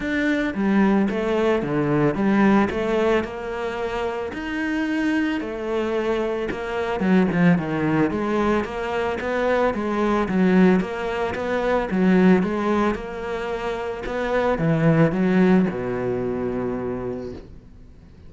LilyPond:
\new Staff \with { instrumentName = "cello" } { \time 4/4 \tempo 4 = 111 d'4 g4 a4 d4 | g4 a4 ais2 | dis'2 a2 | ais4 fis8 f8 dis4 gis4 |
ais4 b4 gis4 fis4 | ais4 b4 fis4 gis4 | ais2 b4 e4 | fis4 b,2. | }